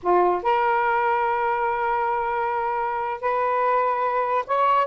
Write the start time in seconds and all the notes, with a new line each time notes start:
0.02 F4
0.43 A#4
3.20 B4
4.46 C#5